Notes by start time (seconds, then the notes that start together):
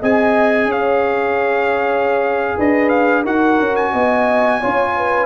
0.00 C4 G#4 D#5 G#5
0.66 C#4 C#5 F5
2.57 D4 B4 D#5
2.89 F5
3.24 D#4 F#4 A#4 F#5
3.59 C#4
3.76 G#5
3.93 B3 D#5
4.61 C#4 F4 C#5
4.97 B4